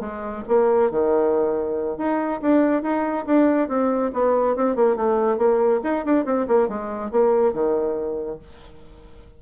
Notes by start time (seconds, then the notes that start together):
0.00 G#3
0.48 A#3
0.91 D#3
1.97 D#4
2.41 D4
2.82 D#4
3.26 D4
3.68 C4
4.13 B3
4.56 C4
4.76 A#3
4.96 A3
5.37 A#3
5.83 D#4
6.05 D4
6.25 C4
6.48 A#3
6.68 G#3
7.11 A#3
7.53 D#3